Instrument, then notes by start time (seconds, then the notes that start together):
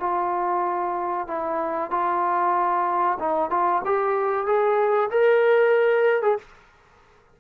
trombone
0.00 F4
1.28 E4
1.91 F4
3.19 D#4
3.50 F4
3.85 G4
4.47 G#4
5.11 A#4
6.23 G#4